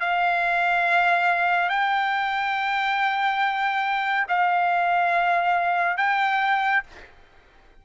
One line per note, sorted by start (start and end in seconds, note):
0.00 1.69 F5
1.69 4.27 G5
4.29 5.98 F5
5.98 6.83 G5